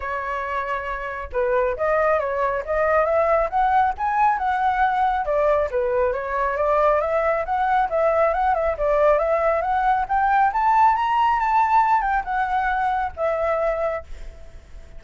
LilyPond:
\new Staff \with { instrumentName = "flute" } { \time 4/4 \tempo 4 = 137 cis''2. b'4 | dis''4 cis''4 dis''4 e''4 | fis''4 gis''4 fis''2 | d''4 b'4 cis''4 d''4 |
e''4 fis''4 e''4 fis''8 e''8 | d''4 e''4 fis''4 g''4 | a''4 ais''4 a''4. g''8 | fis''2 e''2 | }